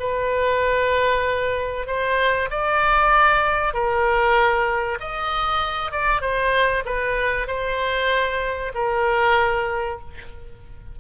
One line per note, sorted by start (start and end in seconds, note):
0.00 1.87 B4
1.87 2.50 C5
2.51 3.74 D5
3.74 4.99 A#4
5.01 5.92 D#5
5.92 6.22 D5
6.22 6.84 C5
6.86 7.48 B4
7.48 8.73 C5
8.75 10.00 A#4